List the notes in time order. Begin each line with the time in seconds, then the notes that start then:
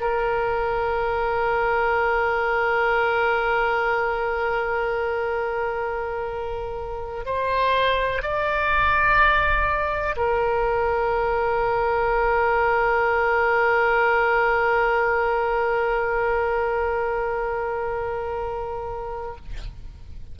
0.00 A#4
7.25 C5
8.22 D5
10.16 A#4